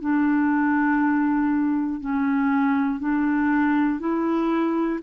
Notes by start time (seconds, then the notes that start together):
0.00 D4
2.00 C#4
2.99 D4
3.99 E4